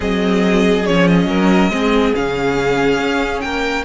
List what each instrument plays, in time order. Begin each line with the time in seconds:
0.00 cello F#3, viola C4, violin G#4 D#5
0.85 cello F3, viola C#4, violin C#5
1.07 violin D#5
1.26 cello F#3, violin A#4
1.69 cello G#3, viola C4, violin G#4
2.13 cello C#3, viola C#4, violin F5
2.99 cello C#4
3.40 cello A#3, violin A#4 G5